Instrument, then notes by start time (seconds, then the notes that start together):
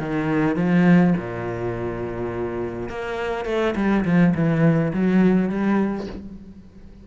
cello
0.00 D#3
0.57 F3
1.17 A#2
2.90 A#3
3.46 A3
3.76 G3
4.05 F3
4.35 E3
4.94 F#3
5.50 G3